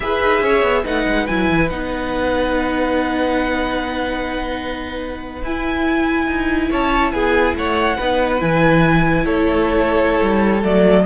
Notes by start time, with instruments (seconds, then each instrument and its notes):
0.00 cello E4, viola G#4, violin B4 E5
0.21 cello D#4
0.41 cello C#4, violin C#5
0.62 cello B3
0.83 cello A3, viola D#4, violin B4 F#5
1.07 cello G#3
1.26 cello F#3, viola E4, violin G#5
1.49 cello E3
1.69 cello B3, viola D#4, violin F#5
5.42 cello E4, viola E4, violin G#5
6.27 cello D#4
6.70 cello C#4, violin C#5 A5
7.12 cello B3, violin G#4 G#5
7.55 cello A3, violin C#5 F#5
7.96 cello B3, viola D#4, violin B4
8.39 cello E3, viola E4, violin G#5
9.24 cello A3, violin A4 C#5
10.20 cello G3
10.61 cello F#3, viola A3, violin D5